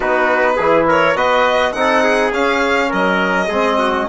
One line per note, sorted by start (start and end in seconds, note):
0.00 0.58 B3
0.00 0.58 D#4
0.00 0.55 F#4
0.00 0.86 B4
0.55 1.15 E3
0.55 1.15 E4
0.55 0.84 G#4
0.87 1.16 A#4
0.87 1.16 C#5
1.15 1.73 B3
1.15 1.73 F#4
1.15 1.74 B4
1.15 1.73 D#5
1.73 2.31 C4
1.73 2.32 D#4
1.73 2.31 F#5
1.79 2.03 A4
2.03 2.88 G#4
2.31 2.90 C#4
2.31 3.48 C#4
2.31 2.92 F5
2.88 3.49 F#3
2.88 3.46 A#4
2.88 4.08 D#5
3.48 4.07 G#3
3.48 4.08 C4
3.48 3.77 G#4
3.78 4.07 F#4